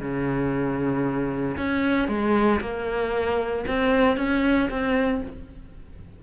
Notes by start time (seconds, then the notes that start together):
0.00 C#3
1.57 C#4
2.08 G#3
2.61 A#3
3.67 C4
4.17 C#4
4.70 C4